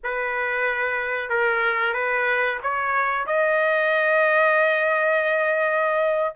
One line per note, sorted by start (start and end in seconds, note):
0.03 1.29 B4
1.29 1.93 A#4
1.93 2.58 B4
2.63 3.26 C#5
3.26 6.35 D#5